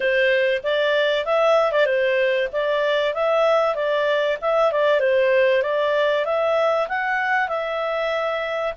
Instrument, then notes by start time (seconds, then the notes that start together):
clarinet
0.00 C5
0.63 D5
1.25 E5
1.72 D5
1.86 C5
2.52 D5
3.13 E5
3.75 D5
4.41 E5
4.72 D5
5.00 C5
5.62 D5
6.25 E5
6.88 F#5
7.48 E5